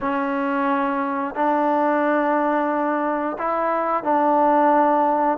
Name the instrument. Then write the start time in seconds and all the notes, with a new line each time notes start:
trombone
0.00 C#4
1.35 D4
3.38 E4
4.03 D4